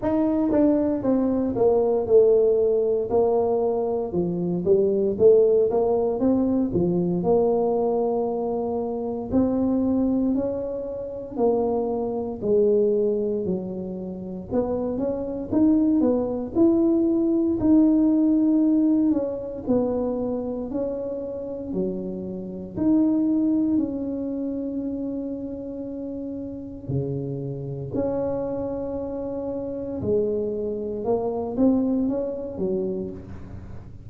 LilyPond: \new Staff \with { instrumentName = "tuba" } { \time 4/4 \tempo 4 = 58 dis'8 d'8 c'8 ais8 a4 ais4 | f8 g8 a8 ais8 c'8 f8 ais4~ | ais4 c'4 cis'4 ais4 | gis4 fis4 b8 cis'8 dis'8 b8 |
e'4 dis'4. cis'8 b4 | cis'4 fis4 dis'4 cis'4~ | cis'2 cis4 cis'4~ | cis'4 gis4 ais8 c'8 cis'8 fis8 | }